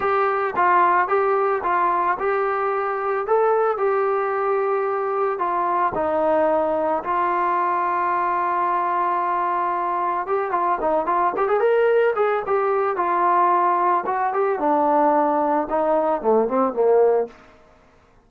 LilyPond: \new Staff \with { instrumentName = "trombone" } { \time 4/4 \tempo 4 = 111 g'4 f'4 g'4 f'4 | g'2 a'4 g'4~ | g'2 f'4 dis'4~ | dis'4 f'2.~ |
f'2. g'8 f'8 | dis'8 f'8 g'16 gis'16 ais'4 gis'8 g'4 | f'2 fis'8 g'8 d'4~ | d'4 dis'4 a8 c'8 ais4 | }